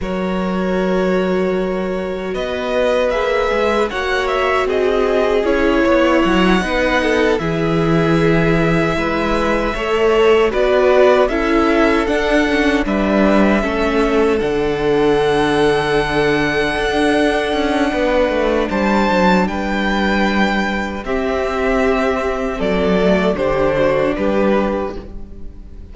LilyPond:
<<
  \new Staff \with { instrumentName = "violin" } { \time 4/4 \tempo 4 = 77 cis''2. dis''4 | e''4 fis''8 e''8 dis''4 cis''4 | fis''4. e''2~ e''8~ | e''4. d''4 e''4 fis''8~ |
fis''8 e''2 fis''4.~ | fis''1 | a''4 g''2 e''4~ | e''4 d''4 c''4 b'4 | }
  \new Staff \with { instrumentName = "violin" } { \time 4/4 ais'2. b'4~ | b'4 cis''4 gis'4. cis''8~ | cis''8 b'8 a'8 gis'2 b'8~ | b'8 cis''4 b'4 a'4.~ |
a'8 b'4 a'2~ a'8~ | a'2. b'4 | c''4 b'2 g'4~ | g'4 a'4 g'8 fis'8 g'4 | }
  \new Staff \with { instrumentName = "viola" } { \time 4/4 fis'1 | gis'4 fis'2 e'4~ | e'8 dis'4 e'2~ e'8~ | e'8 a'4 fis'4 e'4 d'8 |
cis'8 d'4 cis'4 d'4.~ | d'1~ | d'2. c'4~ | c'4. a8 d'2 | }
  \new Staff \with { instrumentName = "cello" } { \time 4/4 fis2. b4 | ais8 gis8 ais4 c'4 cis'8 b8 | fis8 b4 e2 gis8~ | gis8 a4 b4 cis'4 d'8~ |
d'8 g4 a4 d4.~ | d4. d'4 cis'8 b8 a8 | g8 fis8 g2 c'4~ | c'4 fis4 d4 g4 | }
>>